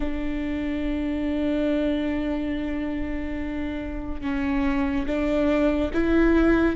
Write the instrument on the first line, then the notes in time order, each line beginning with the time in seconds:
viola
0.00 D4
4.21 C#4
5.06 D4
5.93 E4